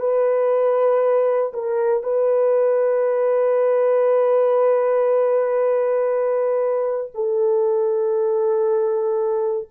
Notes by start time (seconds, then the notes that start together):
0.00 B4
1.53 A#4
2.03 B4
7.14 A4